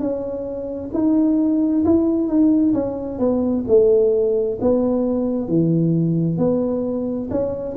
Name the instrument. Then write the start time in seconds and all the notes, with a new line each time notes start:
tuba
0.00 C#4
0.94 D#4
1.85 E4
2.28 D#4
2.74 C#4
3.19 B3
3.68 A3
4.61 B3
5.48 E3
6.38 B3
7.31 C#4